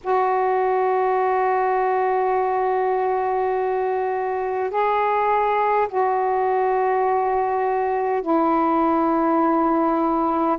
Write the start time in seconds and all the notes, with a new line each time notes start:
0.03 F#4
4.70 G#4
5.88 F#4
8.21 E4